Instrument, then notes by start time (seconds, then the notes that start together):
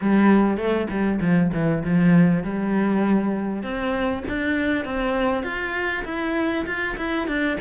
cello
0.01 G3
0.57 A3
0.89 G3
1.20 F3
1.53 E3
1.84 F3
2.43 G3
3.62 C4
4.28 D4
4.85 C4
5.43 F4
6.04 E4
6.66 F4
6.97 E4
7.27 D4